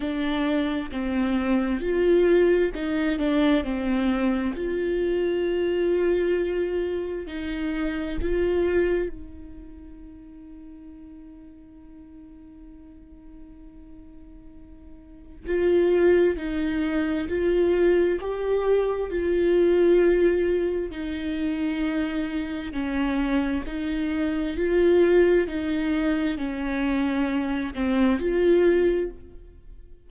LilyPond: \new Staff \with { instrumentName = "viola" } { \time 4/4 \tempo 4 = 66 d'4 c'4 f'4 dis'8 d'8 | c'4 f'2. | dis'4 f'4 dis'2~ | dis'1~ |
dis'4 f'4 dis'4 f'4 | g'4 f'2 dis'4~ | dis'4 cis'4 dis'4 f'4 | dis'4 cis'4. c'8 f'4 | }